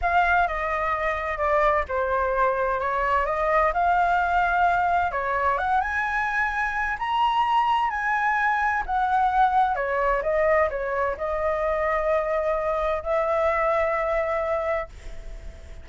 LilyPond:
\new Staff \with { instrumentName = "flute" } { \time 4/4 \tempo 4 = 129 f''4 dis''2 d''4 | c''2 cis''4 dis''4 | f''2. cis''4 | fis''8 gis''2~ gis''8 ais''4~ |
ais''4 gis''2 fis''4~ | fis''4 cis''4 dis''4 cis''4 | dis''1 | e''1 | }